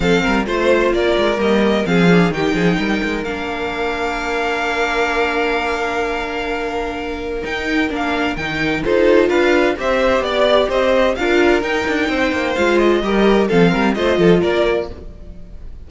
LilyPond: <<
  \new Staff \with { instrumentName = "violin" } { \time 4/4 \tempo 4 = 129 f''4 c''4 d''4 dis''4 | f''4 g''2 f''4~ | f''1~ | f''1 |
g''4 f''4 g''4 c''4 | f''4 e''4 d''4 dis''4 | f''4 g''2 f''8 dis''8~ | dis''4 f''4 dis''4 d''4 | }
  \new Staff \with { instrumentName = "violin" } { \time 4/4 a'8 ais'8 c''4 ais'2 | gis'4 g'8 gis'8 ais'2~ | ais'1~ | ais'1~ |
ais'2. a'4 | b'4 c''4 d''4 c''4 | ais'2 c''2 | ais'4 a'8 ais'8 c''8 a'8 ais'4 | }
  \new Staff \with { instrumentName = "viola" } { \time 4/4 c'4 f'2 ais4 | c'8 d'8 dis'2 d'4~ | d'1~ | d'1 |
dis'4 d'4 dis'4 f'4~ | f'4 g'2. | f'4 dis'2 f'4 | g'4 c'4 f'2 | }
  \new Staff \with { instrumentName = "cello" } { \time 4/4 f8 g8 a4 ais8 gis8 g4 | f4 dis8 f8 g8 gis8 ais4~ | ais1~ | ais1 |
dis'4 ais4 dis4 dis'4 | d'4 c'4 b4 c'4 | d'4 dis'8 d'8 c'8 ais8 gis4 | g4 f8 g8 a8 f8 ais4 | }
>>